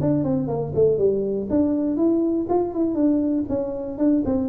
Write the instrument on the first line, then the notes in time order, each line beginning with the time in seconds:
tuba
0.00 D4
0.24 C4
0.47 A#3
0.74 A3
0.98 G3
1.50 D4
1.96 E4
2.49 F4
2.74 E4
2.94 D4
3.48 C#4
3.98 D4
4.25 C4